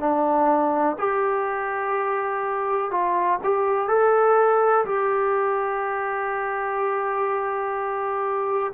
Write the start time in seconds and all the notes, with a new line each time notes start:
0.00 D4
0.99 G4
2.91 F4
3.44 G4
3.88 A4
4.85 G4